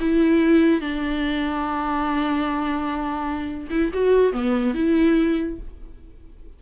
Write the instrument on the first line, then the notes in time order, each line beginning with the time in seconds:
viola
0.00 E4
0.80 D4
3.70 E4
3.93 F#4
4.32 B3
4.74 E4